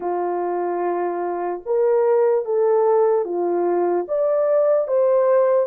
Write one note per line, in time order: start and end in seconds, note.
0.00 1.62 F4
1.65 2.45 A#4
2.45 3.24 A4
3.24 4.05 F4
4.08 4.87 D5
4.87 5.66 C5